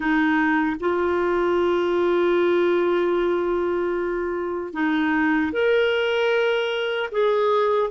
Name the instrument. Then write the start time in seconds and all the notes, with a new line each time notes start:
clarinet
0.00 D#4
0.79 F4
4.73 D#4
5.52 A#4
7.11 G#4